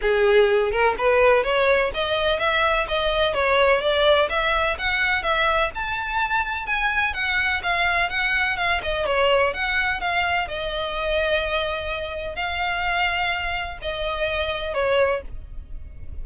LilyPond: \new Staff \with { instrumentName = "violin" } { \time 4/4 \tempo 4 = 126 gis'4. ais'8 b'4 cis''4 | dis''4 e''4 dis''4 cis''4 | d''4 e''4 fis''4 e''4 | a''2 gis''4 fis''4 |
f''4 fis''4 f''8 dis''8 cis''4 | fis''4 f''4 dis''2~ | dis''2 f''2~ | f''4 dis''2 cis''4 | }